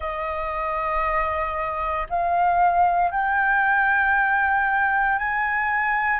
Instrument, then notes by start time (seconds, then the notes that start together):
flute
0.00 D#5
2.09 F5
3.11 G5
5.18 G#5